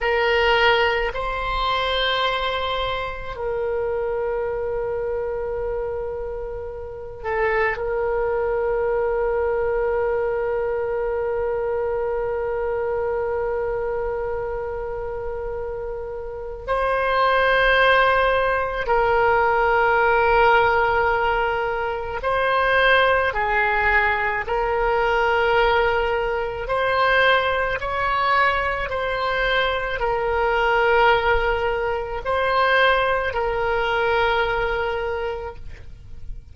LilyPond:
\new Staff \with { instrumentName = "oboe" } { \time 4/4 \tempo 4 = 54 ais'4 c''2 ais'4~ | ais'2~ ais'8 a'8 ais'4~ | ais'1~ | ais'2. c''4~ |
c''4 ais'2. | c''4 gis'4 ais'2 | c''4 cis''4 c''4 ais'4~ | ais'4 c''4 ais'2 | }